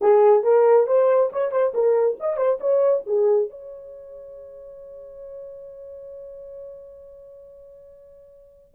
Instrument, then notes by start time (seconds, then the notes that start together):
horn
0.01 G#4
0.43 A#4
0.86 C5
1.32 C#5
1.51 C5
1.74 A#4
2.20 D#5
2.36 C5
2.60 C#5
3.06 G#4
3.50 C#5